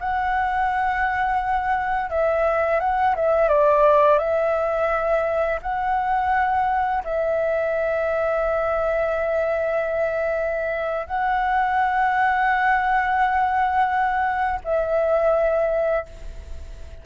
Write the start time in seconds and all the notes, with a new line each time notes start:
0.00 F#5
2.10 E5
2.80 F#5
3.15 E5
3.48 D5
4.19 E5
5.62 F#5
7.04 E5
11.07 F#5
14.64 E5